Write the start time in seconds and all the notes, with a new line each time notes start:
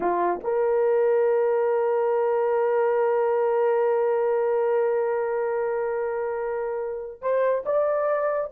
0.00 F4
0.43 A#4
7.21 C5
7.65 D5